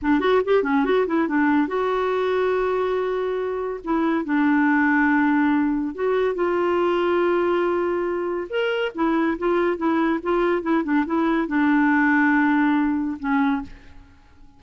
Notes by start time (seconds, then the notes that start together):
0.01 D4
0.20 F#4
0.44 G4
0.63 C#4
0.85 F#4
1.06 E4
1.27 D4
1.67 F#4
3.84 E4
4.24 D4
5.94 F#4
6.35 F4
8.49 A#4
8.95 E4
9.38 F4
9.77 E4
10.22 F4
10.62 E4
10.84 D4
11.06 E4
11.47 D4
13.19 C#4